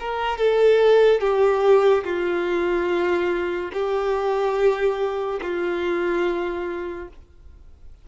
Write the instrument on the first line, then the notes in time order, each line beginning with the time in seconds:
violin
0.00 A#4
0.38 A4
1.21 G4
2.05 F4
3.73 G4
5.42 F4